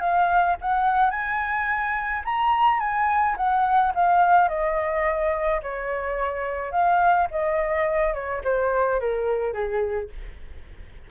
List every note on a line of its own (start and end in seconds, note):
0.00 0.56 F5
0.61 1.10 F#5
1.10 2.22 G#5
2.25 2.79 A#5
2.79 3.35 G#5
3.36 3.93 F#5
3.95 4.48 F5
4.48 5.60 D#5
5.62 6.71 C#5
6.71 7.27 F5
7.30 8.13 D#5
8.13 8.41 C#5
8.44 9.00 C5
9.00 9.53 A#4
9.53 10.09 G#4